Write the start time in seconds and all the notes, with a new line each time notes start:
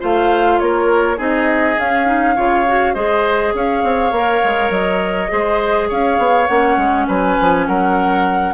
0.00 A3 F4 C5 F5
0.59 A#3 A#4 C#5
1.17 C4 D#4 G#4 D#5
1.78 C#4 F5
2.06 D#4
2.36 C#3 F4 C#5
2.67 F#4
2.94 G#3 G#4 C5 D#5
3.54 C#4 C#5 F5
3.84 C4
4.12 A#3 A#4
4.44 G#3
4.70 F#3 D#5
5.29 G#3 G#4 C5
5.89 C#4 C#5 F5
6.18 B3
6.47 A#3 C#4 F#5
6.78 G#3
7.07 F#3 B4 G#5
7.41 F3
7.68 F#3 A#4 F#5